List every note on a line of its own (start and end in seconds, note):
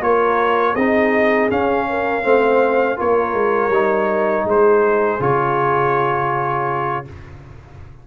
0.00 0.74 A#3
0.00 0.75 F4
0.00 0.74 A#4
0.00 0.76 C#5
0.74 1.49 C4
0.74 1.50 D#4
0.74 1.85 G#4
0.74 1.50 D#5
1.50 2.22 C#4
1.50 2.24 C#4
1.50 2.99 F5
1.89 2.25 A#4
2.22 2.98 A3
2.22 2.96 C4
2.22 2.98 C5
2.96 3.33 A#3
2.96 3.71 F4
2.96 4.46 A#4
2.96 4.48 C#5
3.33 3.69 G#3
3.69 4.43 G3
3.69 5.20 D#4
4.45 5.19 G#3
4.45 7.05 G#4
4.45 5.22 C5
5.20 7.05 C#3
5.20 7.05 F4
5.20 7.07 C#5